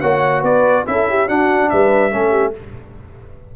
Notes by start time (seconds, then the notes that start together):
0.00 A#3 F#4 C#5 F#5
0.40 B3 B4 D5
0.86 C#4 E4 A4 E5
1.09 G4
1.27 D4 F#4 F#5
1.69 G3 B4 E5
2.10 A3 C#4 A4
2.30 G4